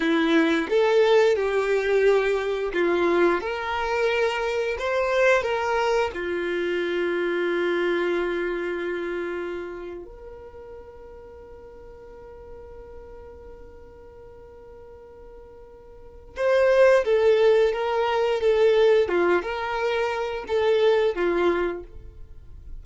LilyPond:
\new Staff \with { instrumentName = "violin" } { \time 4/4 \tempo 4 = 88 e'4 a'4 g'2 | f'4 ais'2 c''4 | ais'4 f'2.~ | f'2~ f'8. ais'4~ ais'16~ |
ais'1~ | ais'1 | c''4 a'4 ais'4 a'4 | f'8 ais'4. a'4 f'4 | }